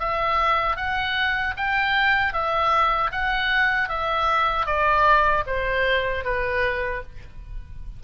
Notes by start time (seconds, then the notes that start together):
0.00 E5
0.77 F#5
1.57 G5
2.33 E5
3.12 F#5
3.89 E5
4.66 D5
5.47 C5
6.25 B4